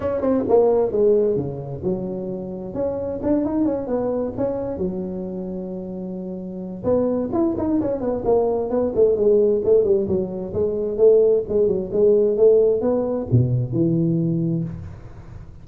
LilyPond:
\new Staff \with { instrumentName = "tuba" } { \time 4/4 \tempo 4 = 131 cis'8 c'8 ais4 gis4 cis4 | fis2 cis'4 d'8 dis'8 | cis'8 b4 cis'4 fis4.~ | fis2. b4 |
e'8 dis'8 cis'8 b8 ais4 b8 a8 | gis4 a8 g8 fis4 gis4 | a4 gis8 fis8 gis4 a4 | b4 b,4 e2 | }